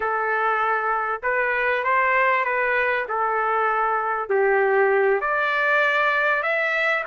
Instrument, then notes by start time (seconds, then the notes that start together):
trumpet
0.00 A4
1.22 B4
1.84 C5
2.44 B4
3.08 A4
4.29 G4
5.20 D5
6.42 E5